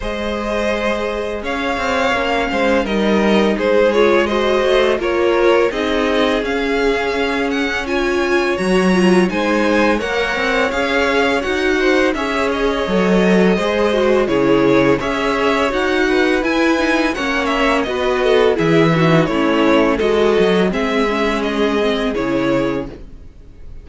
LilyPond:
<<
  \new Staff \with { instrumentName = "violin" } { \time 4/4 \tempo 4 = 84 dis''2 f''2 | dis''4 c''8 cis''8 dis''4 cis''4 | dis''4 f''4. fis''8 gis''4 | ais''4 gis''4 fis''4 f''4 |
fis''4 e''8 dis''2~ dis''8 | cis''4 e''4 fis''4 gis''4 | fis''8 e''8 dis''4 e''4 cis''4 | dis''4 e''4 dis''4 cis''4 | }
  \new Staff \with { instrumentName = "violin" } { \time 4/4 c''2 cis''4. c''8 | ais'4 gis'4 c''4 ais'4 | gis'2. cis''4~ | cis''4 c''4 cis''2~ |
cis''8 c''8 cis''2 c''4 | gis'4 cis''4. b'4. | cis''4 b'8 a'8 gis'8 fis'8 e'4 | a'4 gis'2. | }
  \new Staff \with { instrumentName = "viola" } { \time 4/4 gis'2. cis'4 | dis'4. f'8 fis'4 f'4 | dis'4 cis'2 f'4 | fis'8 f'8 dis'4 ais'4 gis'4 |
fis'4 gis'4 a'4 gis'8 fis'8 | e'4 gis'4 fis'4 e'8 dis'8 | cis'4 fis'4 e'8 dis'8 cis'4 | fis'4 c'8 cis'4 c'8 e'4 | }
  \new Staff \with { instrumentName = "cello" } { \time 4/4 gis2 cis'8 c'8 ais8 gis8 | g4 gis4. a8 ais4 | c'4 cis'2. | fis4 gis4 ais8 c'8 cis'4 |
dis'4 cis'4 fis4 gis4 | cis4 cis'4 dis'4 e'4 | ais4 b4 e4 a4 | gis8 fis8 gis2 cis4 | }
>>